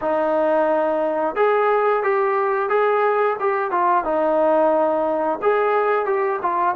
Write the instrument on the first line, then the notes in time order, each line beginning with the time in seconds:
trombone
0.01 D#4
1.35 G#4
2.03 G4
2.69 G#4
3.39 G4
3.71 F4
4.04 D#4
5.42 G#4
6.05 G4
6.42 F4